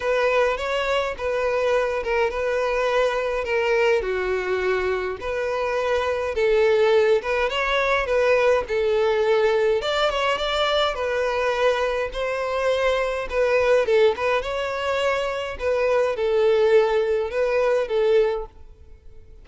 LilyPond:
\new Staff \with { instrumentName = "violin" } { \time 4/4 \tempo 4 = 104 b'4 cis''4 b'4. ais'8 | b'2 ais'4 fis'4~ | fis'4 b'2 a'4~ | a'8 b'8 cis''4 b'4 a'4~ |
a'4 d''8 cis''8 d''4 b'4~ | b'4 c''2 b'4 | a'8 b'8 cis''2 b'4 | a'2 b'4 a'4 | }